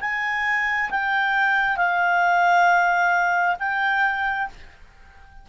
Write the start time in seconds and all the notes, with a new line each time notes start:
0.00 G#5
0.90 G5
1.77 F5
3.59 G5